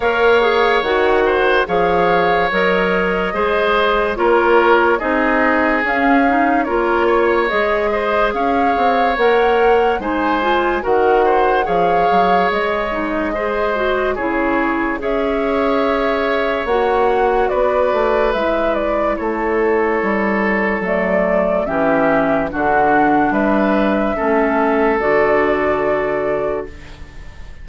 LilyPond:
<<
  \new Staff \with { instrumentName = "flute" } { \time 4/4 \tempo 4 = 72 f''4 fis''4 f''4 dis''4~ | dis''4 cis''4 dis''4 f''4 | cis''4 dis''4 f''4 fis''4 | gis''4 fis''4 f''4 dis''4~ |
dis''4 cis''4 e''2 | fis''4 d''4 e''8 d''8 cis''4~ | cis''4 d''4 e''4 fis''4 | e''2 d''2 | }
  \new Staff \with { instrumentName = "oboe" } { \time 4/4 cis''4. c''8 cis''2 | c''4 ais'4 gis'2 | ais'8 cis''4 c''8 cis''2 | c''4 ais'8 c''8 cis''2 |
c''4 gis'4 cis''2~ | cis''4 b'2 a'4~ | a'2 g'4 fis'4 | b'4 a'2. | }
  \new Staff \with { instrumentName = "clarinet" } { \time 4/4 ais'8 gis'8 fis'4 gis'4 ais'4 | gis'4 f'4 dis'4 cis'8 dis'8 | f'4 gis'2 ais'4 | dis'8 f'8 fis'4 gis'4. dis'8 |
gis'8 fis'8 e'4 gis'2 | fis'2 e'2~ | e'4 a4 cis'4 d'4~ | d'4 cis'4 fis'2 | }
  \new Staff \with { instrumentName = "bassoon" } { \time 4/4 ais4 dis4 f4 fis4 | gis4 ais4 c'4 cis'4 | ais4 gis4 cis'8 c'8 ais4 | gis4 dis4 f8 fis8 gis4~ |
gis4 cis4 cis'2 | ais4 b8 a8 gis4 a4 | g4 fis4 e4 d4 | g4 a4 d2 | }
>>